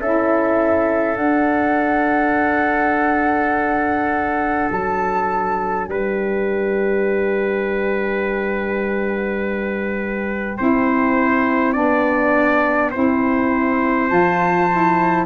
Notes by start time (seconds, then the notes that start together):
0.00 C#4 E4 A4 E5
1.16 D4 F#5
4.72 F#3 A5
5.88 G3 B4 G5
10.58 C4 E4 C5
11.73 B3 D4 D5
12.91 C4 E4 C5
14.09 F3 F4 A5
14.72 E4